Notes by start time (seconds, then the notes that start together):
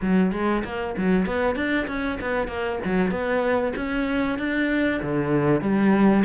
0.01 F#3
0.32 G#3
0.64 A#3
0.97 F#3
1.26 B3
1.55 D4
1.87 C#4
2.20 B3
2.47 A#3
2.84 F#3
3.11 B3
3.76 C#4
4.38 D4
5.02 D3
5.61 G3